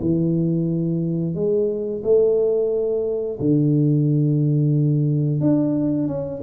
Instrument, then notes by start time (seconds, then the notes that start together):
tuba
0.00 E3
1.34 G#3
2.03 A3
3.39 D3
5.40 D4
6.07 C#4